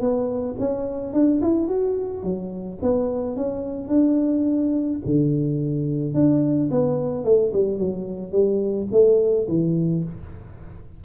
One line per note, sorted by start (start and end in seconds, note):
0.00 0.56 B3
0.59 1.13 C#4
1.13 1.41 D4
1.41 1.67 E4
1.67 2.23 F#4
2.23 2.79 F#3
2.82 3.36 B3
3.36 3.88 C#4
3.88 4.99 D4
5.05 6.14 D3
6.14 6.69 D4
6.70 7.24 B3
7.24 7.52 A3
7.53 7.78 G3
7.78 8.31 F#3
8.31 8.87 G3
8.91 9.47 A3
9.48 10.03 E3